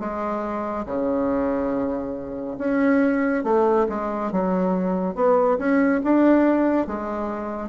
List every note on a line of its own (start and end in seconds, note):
0.00 0.86 G#3
0.86 2.58 C#3
2.59 3.44 C#4
3.44 3.87 A3
3.89 4.32 G#3
4.32 5.15 F#3
5.15 5.58 B3
5.58 6.01 C#4
6.04 6.87 D4
6.87 7.69 G#3